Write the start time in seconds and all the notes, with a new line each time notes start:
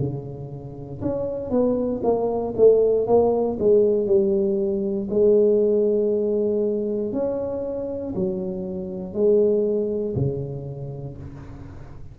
0.00 C#3
1.02 C#4
1.51 B3
2.04 A#3
2.57 A3
3.07 A#3
3.60 G#3
4.07 G3
5.10 G#3
7.13 C#4
8.15 F#3
9.14 G#3
10.16 C#3